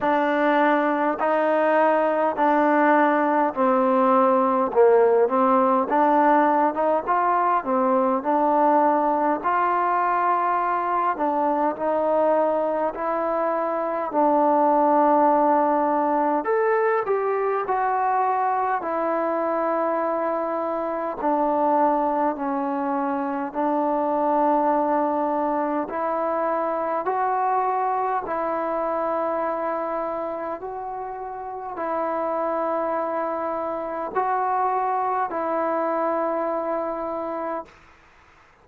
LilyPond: \new Staff \with { instrumentName = "trombone" } { \time 4/4 \tempo 4 = 51 d'4 dis'4 d'4 c'4 | ais8 c'8 d'8. dis'16 f'8 c'8 d'4 | f'4. d'8 dis'4 e'4 | d'2 a'8 g'8 fis'4 |
e'2 d'4 cis'4 | d'2 e'4 fis'4 | e'2 fis'4 e'4~ | e'4 fis'4 e'2 | }